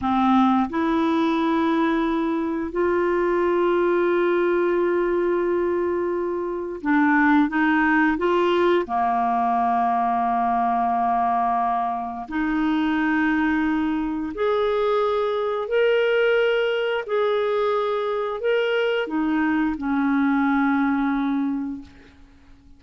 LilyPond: \new Staff \with { instrumentName = "clarinet" } { \time 4/4 \tempo 4 = 88 c'4 e'2. | f'1~ | f'2 d'4 dis'4 | f'4 ais2.~ |
ais2 dis'2~ | dis'4 gis'2 ais'4~ | ais'4 gis'2 ais'4 | dis'4 cis'2. | }